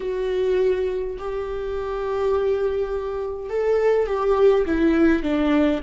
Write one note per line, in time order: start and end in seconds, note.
0.00 1.17 F#4
1.18 3.49 G4
3.49 4.06 A4
4.06 4.65 G4
4.65 5.22 E4
5.22 5.80 D4